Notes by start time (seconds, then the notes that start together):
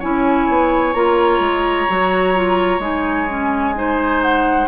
0.00 C#4 E4 C#5 G#5
0.49 B3
0.94 A#3 F4 A#5
1.40 G#3
1.89 F#3 F#4
2.35 F4
2.79 G#3 D#4 G#5
3.29 C#4
3.75 D#4 C5
4.23 F#5